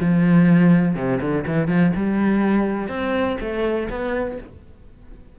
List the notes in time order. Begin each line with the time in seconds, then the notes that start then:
0.00 F3
0.95 C3
1.20 D3
1.47 E3
1.67 F3
1.95 G3
2.88 C4
3.40 A3
3.89 B3